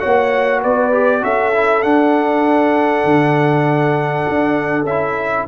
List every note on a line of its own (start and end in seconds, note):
0.00 0.65 A#3
0.00 0.92 F#4
0.00 0.61 C#5
0.00 0.61 F#5
0.62 1.23 B3
0.62 1.22 B4
0.62 1.24 D5
0.92 1.21 G4
1.21 1.83 C#4
1.21 1.52 F#4
1.21 5.48 A4
1.21 1.83 E5
1.54 1.83 E4
1.83 4.86 D4
1.83 3.05 D4
1.83 4.86 F#5
3.05 4.26 D3
4.29 4.84 D4
4.84 5.44 C#4
4.84 5.47 E5
4.90 5.48 E4